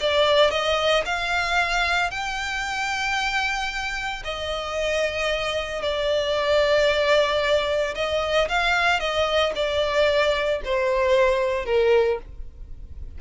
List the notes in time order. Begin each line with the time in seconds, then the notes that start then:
0.00 D5
0.51 D#5
1.05 F5
2.10 G5
4.24 D#5
5.82 D5
7.95 D#5
8.49 F5
9.00 D#5
9.55 D5
10.65 C5
11.65 A#4